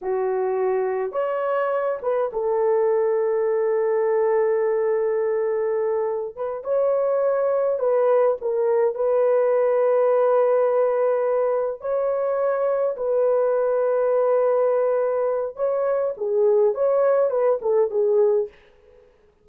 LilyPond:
\new Staff \with { instrumentName = "horn" } { \time 4/4 \tempo 4 = 104 fis'2 cis''4. b'8 | a'1~ | a'2. b'8 cis''8~ | cis''4. b'4 ais'4 b'8~ |
b'1~ | b'8 cis''2 b'4.~ | b'2. cis''4 | gis'4 cis''4 b'8 a'8 gis'4 | }